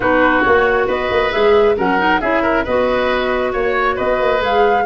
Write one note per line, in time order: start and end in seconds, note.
0.00 0.44 B3
0.00 0.43 D#4
0.00 0.87 F#4
0.00 0.42 B4
0.42 0.87 A#3
0.42 1.31 F#4
0.42 0.86 C#5
0.87 1.09 B3
0.87 1.75 B4
0.87 1.32 D#5
1.10 1.32 A#3
1.31 1.77 G#3
1.31 1.75 G#4
1.31 1.76 E5
1.76 2.21 F#3
1.76 1.98 C#4
1.76 2.20 A#4
1.76 2.20 F#5
1.98 2.20 D#4
2.20 2.65 C#4
2.20 2.66 E4
2.20 2.42 G#4
2.20 2.64 E5
2.42 2.64 A#4
2.64 3.53 B3
2.64 4.38 F#4
2.64 3.52 B4
2.64 3.53 D#5
3.52 3.98 A#3
3.52 3.95 C#5
3.52 3.97 C#5
3.95 4.20 B3
3.95 4.83 B4
3.95 4.42 D#5
4.20 4.41 A#3
4.38 4.85 G#3
4.38 4.82 G#4
4.38 4.85 F5